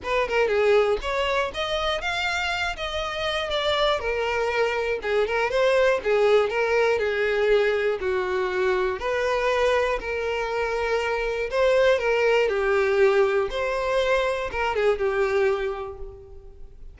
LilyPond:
\new Staff \with { instrumentName = "violin" } { \time 4/4 \tempo 4 = 120 b'8 ais'8 gis'4 cis''4 dis''4 | f''4. dis''4. d''4 | ais'2 gis'8 ais'8 c''4 | gis'4 ais'4 gis'2 |
fis'2 b'2 | ais'2. c''4 | ais'4 g'2 c''4~ | c''4 ais'8 gis'8 g'2 | }